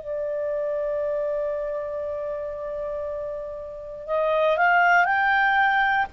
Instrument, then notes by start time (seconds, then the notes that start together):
clarinet
0.00 D5
4.07 D#5
4.58 F5
5.05 G5